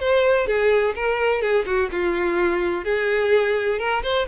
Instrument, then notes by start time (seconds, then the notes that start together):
violin
0.00 C5
0.47 G#4
0.96 A#4
1.42 G#4
1.66 F#4
1.92 F4
2.85 G#4
3.79 A#4
4.03 C5